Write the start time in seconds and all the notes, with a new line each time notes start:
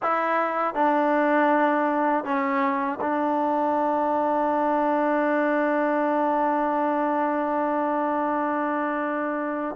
0.02 E4
0.74 D4
2.24 C#4
3.00 D4